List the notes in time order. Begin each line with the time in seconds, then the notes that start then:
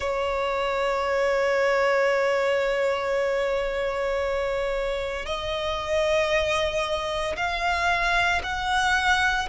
0.00 C#5
5.25 D#5
7.36 F5
8.43 F#5